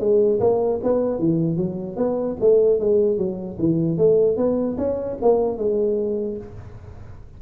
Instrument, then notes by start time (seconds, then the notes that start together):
tuba
0.00 G#3
0.41 A#3
0.84 B3
1.19 E3
1.57 F#3
1.97 B3
2.41 A3
2.80 G#3
3.18 F#3
3.59 E3
3.98 A3
4.37 B3
4.78 C#4
5.22 A#3
5.58 G#3